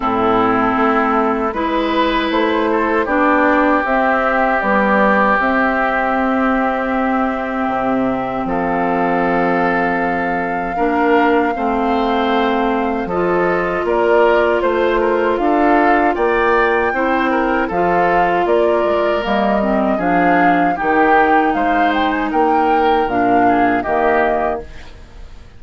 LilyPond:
<<
  \new Staff \with { instrumentName = "flute" } { \time 4/4 \tempo 4 = 78 a'2 b'4 c''4 | d''4 e''4 d''4 e''4~ | e''2. f''4~ | f''1~ |
f''4 dis''4 d''4 c''4 | f''4 g''2 f''4 | d''4 dis''4 f''4 g''4 | f''8 g''16 gis''16 g''4 f''4 dis''4 | }
  \new Staff \with { instrumentName = "oboe" } { \time 4/4 e'2 b'4. a'8 | g'1~ | g'2. a'4~ | a'2 ais'4 c''4~ |
c''4 a'4 ais'4 c''8 ais'8 | a'4 d''4 c''8 ais'8 a'4 | ais'2 gis'4 g'4 | c''4 ais'4. gis'8 g'4 | }
  \new Staff \with { instrumentName = "clarinet" } { \time 4/4 c'2 e'2 | d'4 c'4 g4 c'4~ | c'1~ | c'2 d'4 c'4~ |
c'4 f'2.~ | f'2 e'4 f'4~ | f'4 ais8 c'8 d'4 dis'4~ | dis'2 d'4 ais4 | }
  \new Staff \with { instrumentName = "bassoon" } { \time 4/4 a,4 a4 gis4 a4 | b4 c'4 b4 c'4~ | c'2 c4 f4~ | f2 ais4 a4~ |
a4 f4 ais4 a4 | d'4 ais4 c'4 f4 | ais8 gis8 g4 f4 dis4 | gis4 ais4 ais,4 dis4 | }
>>